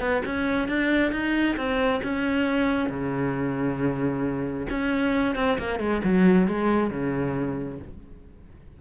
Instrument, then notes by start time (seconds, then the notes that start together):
cello
0.00 B3
0.25 C#4
0.68 D4
1.12 D#4
1.57 C4
2.03 C#4
2.89 C#3
4.70 C#4
5.36 C4
5.59 A#3
5.79 G#3
6.04 F#3
6.47 G#3
6.90 C#3